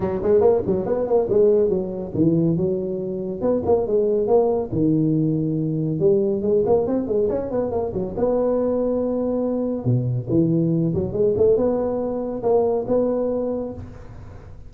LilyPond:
\new Staff \with { instrumentName = "tuba" } { \time 4/4 \tempo 4 = 140 fis8 gis8 ais8 fis8 b8 ais8 gis4 | fis4 e4 fis2 | b8 ais8 gis4 ais4 dis4~ | dis2 g4 gis8 ais8 |
c'8 gis8 cis'8 b8 ais8 fis8 b4~ | b2. b,4 | e4. fis8 gis8 a8 b4~ | b4 ais4 b2 | }